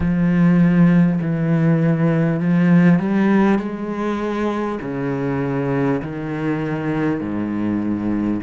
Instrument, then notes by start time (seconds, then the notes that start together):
cello
0.00 F3
1.21 E3
2.39 F3
2.99 G3
3.58 G#3
4.81 C#3
6.02 D#3
7.20 G#2